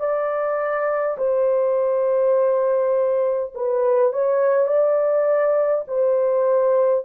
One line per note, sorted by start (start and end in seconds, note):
0.00 1.18 D5
1.18 3.53 C5
3.55 4.13 B4
4.13 4.67 C#5
4.67 5.85 D5
5.88 7.05 C5